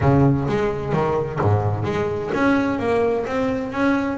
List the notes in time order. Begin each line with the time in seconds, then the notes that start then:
0.00 C#3
0.48 G#3
0.93 D#3
1.41 G#2
1.84 G#3
2.34 C#4
2.79 A#3
3.26 C4
3.72 C#4